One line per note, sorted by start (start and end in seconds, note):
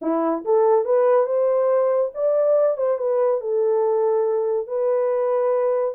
0.01 0.44 E4
0.45 0.84 A4
0.84 1.26 B4
1.26 2.11 C5
2.14 2.77 D5
2.77 2.98 C5
2.98 3.40 B4
3.40 4.67 A4
4.67 5.94 B4